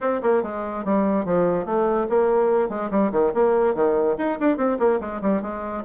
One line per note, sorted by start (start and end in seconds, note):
0.01 0.21 C4
0.22 0.43 A#3
0.43 0.84 G#3
0.84 1.25 G3
1.25 1.65 F3
1.65 2.07 A3
2.09 2.69 A#3
2.69 2.90 G#3
2.91 3.11 G3
3.12 3.32 D#3
3.34 3.74 A#3
3.74 4.16 D#3
4.17 4.38 D#4
4.39 4.57 D4
4.57 4.77 C4
4.79 5.00 A#3
5.00 5.21 G#3
5.21 5.42 G3
5.42 5.83 G#3